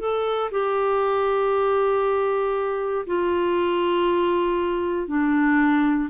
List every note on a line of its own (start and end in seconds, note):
0.00 0.51 A4
0.52 3.06 G4
3.07 5.08 F4
5.08 6.10 D4